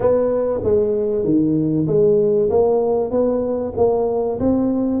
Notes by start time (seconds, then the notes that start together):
0.00 B3
0.63 G#3
1.24 D#3
1.87 G#3
2.49 A#3
3.11 B3
3.76 A#3
4.39 C4